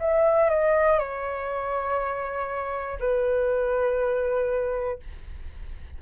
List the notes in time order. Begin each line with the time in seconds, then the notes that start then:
0.00 E5
0.50 D#5
0.99 C#5
3.00 B4